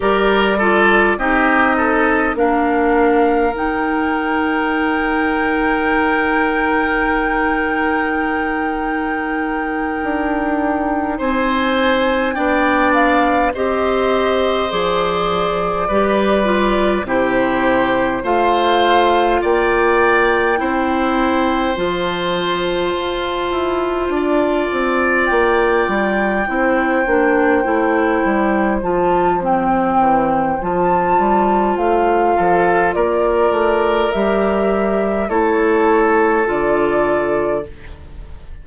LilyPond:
<<
  \new Staff \with { instrumentName = "flute" } { \time 4/4 \tempo 4 = 51 d''4 dis''4 f''4 g''4~ | g''1~ | g''4. gis''4 g''8 f''8 dis''8~ | dis''8 d''2 c''4 f''8~ |
f''8 g''2 a''4.~ | a''4. g''2~ g''8~ | g''8 a''8 g''4 a''4 f''4 | d''4 e''4 cis''4 d''4 | }
  \new Staff \with { instrumentName = "oboe" } { \time 4/4 ais'8 a'8 g'8 a'8 ais'2~ | ais'1~ | ais'4. c''4 d''4 c''8~ | c''4. b'4 g'4 c''8~ |
c''8 d''4 c''2~ c''8~ | c''8 d''2 c''4.~ | c''2.~ c''8 a'8 | ais'2 a'2 | }
  \new Staff \with { instrumentName = "clarinet" } { \time 4/4 g'8 f'8 dis'4 d'4 dis'4~ | dis'1~ | dis'2~ dis'8 d'4 g'8~ | g'8 gis'4 g'8 f'8 e'4 f'8~ |
f'4. e'4 f'4.~ | f'2~ f'8 e'8 d'8 e'8~ | e'8 f'8 c'4 f'2~ | f'4 g'4 e'4 f'4 | }
  \new Staff \with { instrumentName = "bassoon" } { \time 4/4 g4 c'4 ais4 dis'4~ | dis'1~ | dis'8 d'4 c'4 b4 c'8~ | c'8 f4 g4 c4 a8~ |
a8 ais4 c'4 f4 f'8 | e'8 d'8 c'8 ais8 g8 c'8 ais8 a8 | g8 f4 e8 f8 g8 a8 f8 | ais8 a8 g4 a4 d4 | }
>>